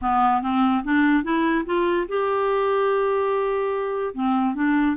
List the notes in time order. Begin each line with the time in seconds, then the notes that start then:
0.01 B3
0.42 C4
0.84 D4
1.23 E4
1.65 F4
2.08 G4
4.14 C4
4.55 D4